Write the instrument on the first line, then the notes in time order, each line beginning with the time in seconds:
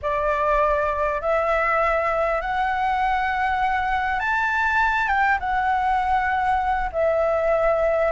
flute
0.01 D5
1.21 E5
2.41 F#5
4.19 A5
5.08 G5
5.39 F#5
6.92 E5